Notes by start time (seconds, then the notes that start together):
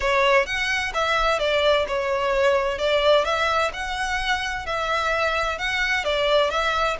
0.00 C#5
0.45 F#5
0.94 E5
1.39 D5
1.87 C#5
2.78 D5
3.24 E5
3.73 F#5
4.66 E5
5.58 F#5
6.04 D5
6.50 E5